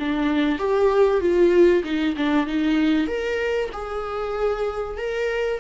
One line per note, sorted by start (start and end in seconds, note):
0.00 0.59 D4
0.59 1.21 G4
1.21 1.84 F4
1.84 2.16 D#4
2.17 2.47 D4
2.47 3.08 D#4
3.08 3.70 A#4
3.73 4.98 G#4
4.98 5.61 A#4